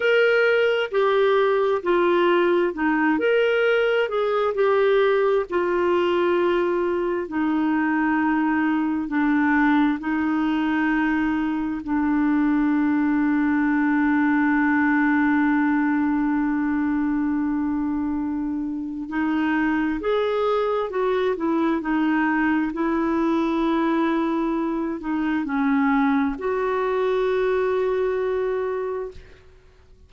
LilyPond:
\new Staff \with { instrumentName = "clarinet" } { \time 4/4 \tempo 4 = 66 ais'4 g'4 f'4 dis'8 ais'8~ | ais'8 gis'8 g'4 f'2 | dis'2 d'4 dis'4~ | dis'4 d'2.~ |
d'1~ | d'4 dis'4 gis'4 fis'8 e'8 | dis'4 e'2~ e'8 dis'8 | cis'4 fis'2. | }